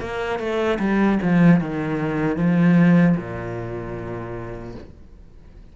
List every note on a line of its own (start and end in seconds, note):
0.00 0.39 A#3
0.39 0.78 A3
0.79 1.18 G3
1.22 1.60 F3
1.60 2.36 D#3
2.36 3.15 F3
3.17 4.74 A#2